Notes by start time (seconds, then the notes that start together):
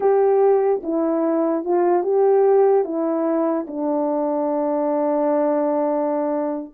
0.00 G4
0.83 E4
1.64 F4
2.03 G4
2.84 E4
3.67 D4